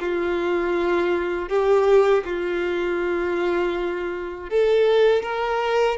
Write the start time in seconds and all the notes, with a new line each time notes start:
0.00 F4
1.49 G4
2.25 F4
4.50 A4
5.23 A#4